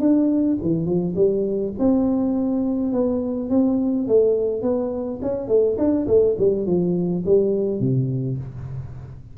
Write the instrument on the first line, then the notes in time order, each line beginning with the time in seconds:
tuba
0.00 D4
0.62 E3
0.85 F3
1.15 G3
1.79 C4
2.92 B3
3.50 C4
4.08 A3
4.62 B3
5.22 C#4
5.48 A3
5.78 D4
6.07 A3
6.38 G3
6.66 F3
7.25 G3
7.80 C3